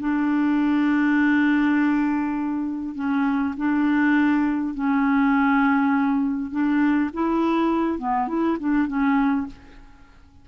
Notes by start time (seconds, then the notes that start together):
0.00 D4
2.95 C#4
3.57 D4
4.74 C#4
6.51 D4
7.13 E4
7.98 B3
8.28 E4
8.59 D4
8.87 C#4